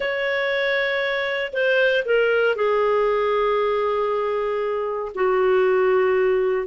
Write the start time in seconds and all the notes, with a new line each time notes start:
0.00 C#5
1.52 C5
2.05 A#4
2.55 G#4
5.14 F#4